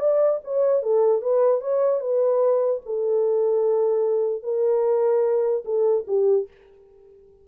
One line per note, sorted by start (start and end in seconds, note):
0.00 0.40 D5
0.44 0.83 C#5
0.83 1.22 A4
1.22 1.61 B4
1.61 2.00 C#5
2.00 2.81 B4
2.86 4.43 A4
4.43 5.64 A#4
5.65 6.05 A4
6.08 6.48 G4